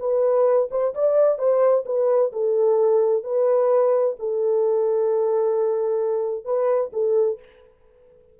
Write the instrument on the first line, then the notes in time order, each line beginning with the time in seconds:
horn
0.00 B4
0.71 C5
0.95 D5
1.39 C5
1.86 B4
2.33 A4
3.24 B4
4.20 A4
6.45 B4
6.93 A4